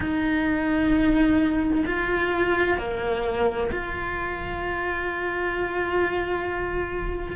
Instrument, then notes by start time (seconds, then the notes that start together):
cello
0.00 D#4
1.85 F4
2.78 A#3
3.71 F4